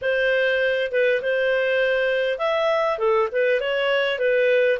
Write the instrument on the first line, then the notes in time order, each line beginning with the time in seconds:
clarinet
0.01 C5
0.91 B4
1.22 C5
2.38 E5
2.98 A4
3.32 B4
3.60 C#5
4.18 B4